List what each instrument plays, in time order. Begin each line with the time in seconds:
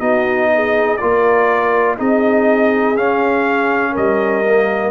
0.00 tuba B3, trombone D#4, horn F#4, trumpet D#5
0.55 horn G#4
0.97 tuba A#3, trombone F4, horn A#4, trumpet D5
1.98 tuba C4, trombone D#4, horn G#4, trumpet D#5
2.97 trombone C#4, tuba C#4, trumpet F5
3.92 tuba G3, horn A#4, trumpet D#5
4.44 trombone A#3